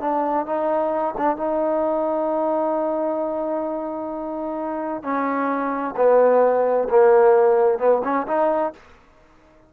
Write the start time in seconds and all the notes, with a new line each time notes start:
0.00 D4
0.46 D#4
1.17 D4
1.37 D#4
5.03 C#4
5.96 B3
6.90 A#3
7.79 B3
8.04 C#4
8.27 D#4